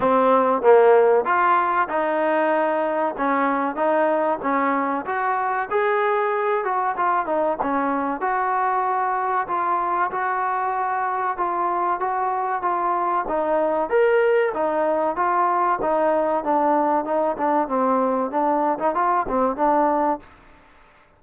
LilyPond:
\new Staff \with { instrumentName = "trombone" } { \time 4/4 \tempo 4 = 95 c'4 ais4 f'4 dis'4~ | dis'4 cis'4 dis'4 cis'4 | fis'4 gis'4. fis'8 f'8 dis'8 | cis'4 fis'2 f'4 |
fis'2 f'4 fis'4 | f'4 dis'4 ais'4 dis'4 | f'4 dis'4 d'4 dis'8 d'8 | c'4 d'8. dis'16 f'8 c'8 d'4 | }